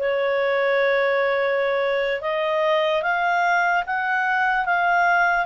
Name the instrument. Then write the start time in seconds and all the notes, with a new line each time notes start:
clarinet
0.00 C#5
2.21 D#5
3.03 F5
3.87 F#5
4.65 F5